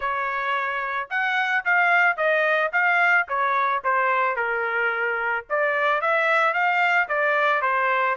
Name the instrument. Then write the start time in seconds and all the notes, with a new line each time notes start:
trumpet
0.00 C#5
1.10 F#5
1.65 F5
2.16 D#5
2.72 F5
3.28 C#5
3.83 C5
4.36 A#4
5.49 D5
6.01 E5
6.53 F5
7.08 D5
7.61 C5